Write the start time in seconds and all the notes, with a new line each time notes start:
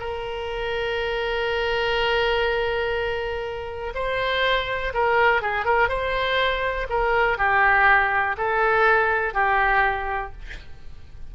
0.00 A#4
3.95 C5
4.94 A#4
5.42 G#4
5.65 A#4
5.89 C5
6.89 A#4
7.38 G4
8.37 A4
9.34 G4